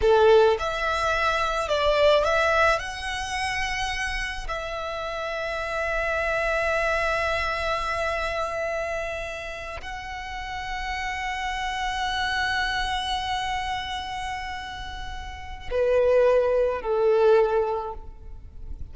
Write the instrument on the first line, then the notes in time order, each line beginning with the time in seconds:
violin
0.01 A4
0.59 E5
1.68 D5
2.24 E5
2.79 F#5
4.48 E5
9.81 F#5
15.71 B4
16.81 A4